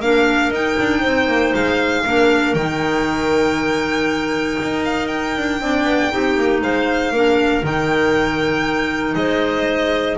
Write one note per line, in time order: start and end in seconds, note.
0.00 0.50 A#3
0.00 0.54 D4
0.00 1.00 A#4
0.00 0.52 F5
0.50 0.75 D#4
0.50 2.06 D#4
0.50 1.54 G5
0.80 1.04 D4
1.00 1.27 C4
1.00 2.02 C5
1.27 1.53 A#3
1.54 2.05 G#3
1.54 2.54 F5
2.06 2.55 A#3
2.06 2.57 D4
2.06 5.62 A#4
2.54 4.58 D#3
2.54 5.61 D#4
2.54 4.83 G5
4.62 5.37 D#4
4.85 5.08 F5
5.08 6.60 G5
5.37 5.61 D4
5.61 5.84 C4
5.61 6.11 D4
5.61 6.13 D5
5.84 6.09 B3
6.11 6.37 C4
6.11 7.13 D#4
6.11 6.62 G4
6.37 6.61 A#3
6.61 7.11 G#3
6.61 7.12 C5
6.61 7.65 F5
7.11 7.62 A#3
7.11 7.63 D4
7.11 9.15 A#4
7.63 9.15 D#3
7.63 10.17 D#4
7.63 9.14 G5
9.14 10.17 G#3
9.14 10.18 C5
9.14 10.16 D#5